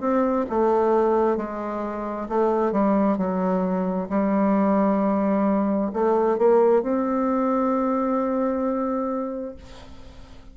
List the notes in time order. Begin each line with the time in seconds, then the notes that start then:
0.00 C4
0.49 A3
1.37 G#3
2.29 A3
2.72 G3
3.17 F#3
4.09 G3
5.93 A3
6.38 A#3
6.83 C4